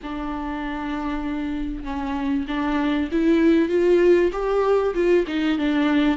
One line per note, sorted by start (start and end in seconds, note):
0.02 1.84 D4
1.84 2.45 C#4
2.47 3.09 D4
3.11 3.69 E4
3.69 4.30 F4
4.32 4.94 G4
4.94 5.25 F4
5.27 5.58 D#4
5.58 6.17 D4